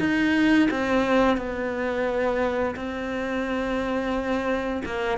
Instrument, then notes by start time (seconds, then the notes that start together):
cello
0.00 D#4
0.71 C4
1.37 B3
2.76 C4
4.85 A#3